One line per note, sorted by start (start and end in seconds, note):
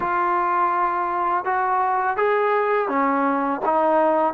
0.00 1.45 F4
1.45 2.17 F#4
2.17 2.88 G#4
2.88 3.60 C#4
3.65 4.34 D#4